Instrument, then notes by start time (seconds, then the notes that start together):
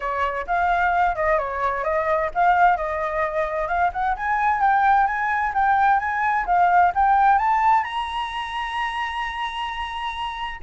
flute
0.00 C#5
0.46 F5
1.15 D#5
1.38 C#5
1.84 D#5
2.34 F5
2.76 D#5
3.68 F5
3.93 F#5
4.16 G#5
4.60 G5
5.06 G#5
5.54 G5
5.99 G#5
6.46 F5
6.95 G5
7.38 A5
7.83 A#5